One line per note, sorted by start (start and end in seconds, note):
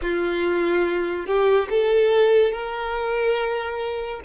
0.02 1.26 F4
1.26 1.68 G4
1.69 2.51 A4
2.51 4.20 A#4